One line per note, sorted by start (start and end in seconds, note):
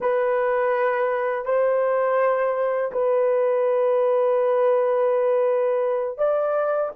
0.00 1.45 B4
1.45 2.91 C5
2.92 6.18 B4
6.18 6.91 D5